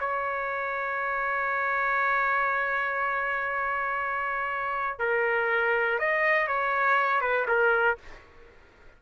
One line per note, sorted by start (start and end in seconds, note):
0.00 5.00 C#5
5.00 6.00 A#4
6.00 6.48 D#5
6.48 7.21 C#5
7.21 7.46 B4
7.48 7.98 A#4